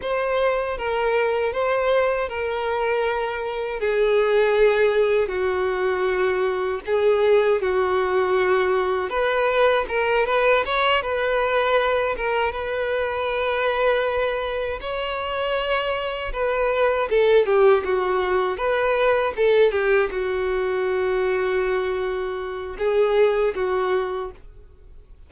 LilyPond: \new Staff \with { instrumentName = "violin" } { \time 4/4 \tempo 4 = 79 c''4 ais'4 c''4 ais'4~ | ais'4 gis'2 fis'4~ | fis'4 gis'4 fis'2 | b'4 ais'8 b'8 cis''8 b'4. |
ais'8 b'2. cis''8~ | cis''4. b'4 a'8 g'8 fis'8~ | fis'8 b'4 a'8 g'8 fis'4.~ | fis'2 gis'4 fis'4 | }